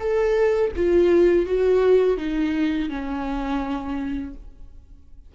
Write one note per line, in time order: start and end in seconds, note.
0.00 0.72 A4
0.76 1.47 F4
1.47 2.18 F#4
2.18 2.90 D#4
2.90 4.34 C#4